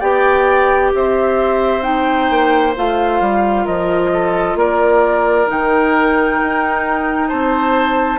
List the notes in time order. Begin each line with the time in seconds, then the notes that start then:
0.00 B3 G4 D5 G5
0.95 C4 C5 E5
1.82 D#4 G5
2.30 A#3
2.76 A3 F4 F5
3.21 G3
3.65 F3 A#4 D#5
4.13 A4
4.56 A#3 A#4 D5
5.47 D#3 D#4 G5
6.42 D#4
7.29 C4 C5 A5